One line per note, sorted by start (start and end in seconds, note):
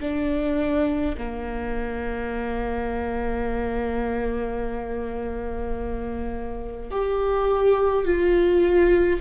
0.00 1.15 D4
1.17 6.91 A#3
6.91 8.05 G4
8.05 9.20 F4